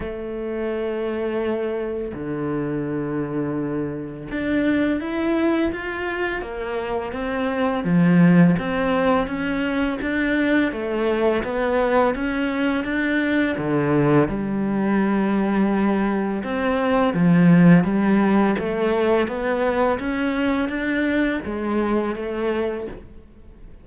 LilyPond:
\new Staff \with { instrumentName = "cello" } { \time 4/4 \tempo 4 = 84 a2. d4~ | d2 d'4 e'4 | f'4 ais4 c'4 f4 | c'4 cis'4 d'4 a4 |
b4 cis'4 d'4 d4 | g2. c'4 | f4 g4 a4 b4 | cis'4 d'4 gis4 a4 | }